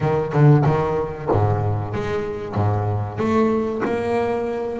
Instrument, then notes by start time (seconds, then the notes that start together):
double bass
0.00 D#3
0.32 D3
0.65 D#3
1.31 G#2
1.94 G#3
2.54 G#2
3.18 A3
3.85 A#3